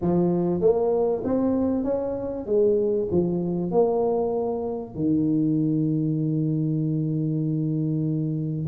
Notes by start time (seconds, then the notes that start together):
0.01 F3
0.60 A#3
1.24 C4
1.84 C#4
2.46 G#3
3.11 F3
3.71 A#3
4.95 D#3